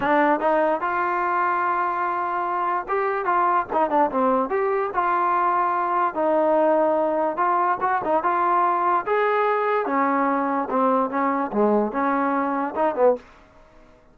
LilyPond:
\new Staff \with { instrumentName = "trombone" } { \time 4/4 \tempo 4 = 146 d'4 dis'4 f'2~ | f'2. g'4 | f'4 dis'8 d'8 c'4 g'4 | f'2. dis'4~ |
dis'2 f'4 fis'8 dis'8 | f'2 gis'2 | cis'2 c'4 cis'4 | gis4 cis'2 dis'8 b8 | }